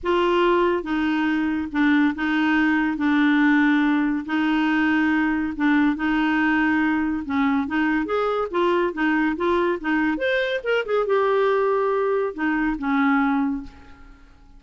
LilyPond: \new Staff \with { instrumentName = "clarinet" } { \time 4/4 \tempo 4 = 141 f'2 dis'2 | d'4 dis'2 d'4~ | d'2 dis'2~ | dis'4 d'4 dis'2~ |
dis'4 cis'4 dis'4 gis'4 | f'4 dis'4 f'4 dis'4 | c''4 ais'8 gis'8 g'2~ | g'4 dis'4 cis'2 | }